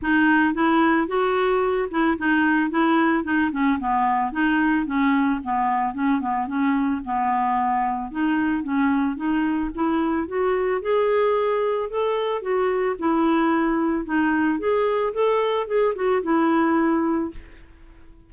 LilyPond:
\new Staff \with { instrumentName = "clarinet" } { \time 4/4 \tempo 4 = 111 dis'4 e'4 fis'4. e'8 | dis'4 e'4 dis'8 cis'8 b4 | dis'4 cis'4 b4 cis'8 b8 | cis'4 b2 dis'4 |
cis'4 dis'4 e'4 fis'4 | gis'2 a'4 fis'4 | e'2 dis'4 gis'4 | a'4 gis'8 fis'8 e'2 | }